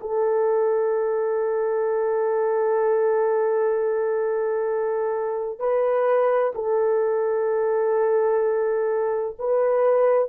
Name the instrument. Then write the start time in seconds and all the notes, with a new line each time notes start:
horn
0.00 A4
5.59 B4
6.55 A4
9.38 B4